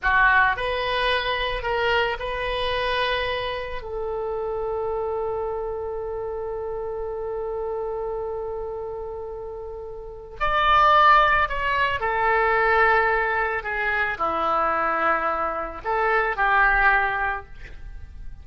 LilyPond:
\new Staff \with { instrumentName = "oboe" } { \time 4/4 \tempo 4 = 110 fis'4 b'2 ais'4 | b'2. a'4~ | a'1~ | a'1~ |
a'2. d''4~ | d''4 cis''4 a'2~ | a'4 gis'4 e'2~ | e'4 a'4 g'2 | }